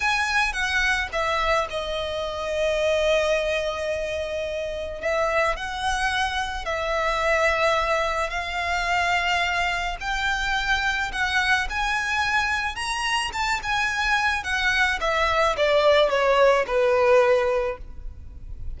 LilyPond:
\new Staff \with { instrumentName = "violin" } { \time 4/4 \tempo 4 = 108 gis''4 fis''4 e''4 dis''4~ | dis''1~ | dis''4 e''4 fis''2 | e''2. f''4~ |
f''2 g''2 | fis''4 gis''2 ais''4 | a''8 gis''4. fis''4 e''4 | d''4 cis''4 b'2 | }